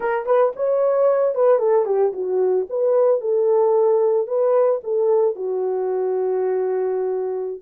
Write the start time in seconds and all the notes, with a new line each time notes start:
0.00 A#4
0.26 B4
0.56 C#5
1.34 B4
1.58 A4
1.85 G4
2.12 F#4
2.69 B4
3.20 A4
4.27 B4
4.83 A4
5.35 F#4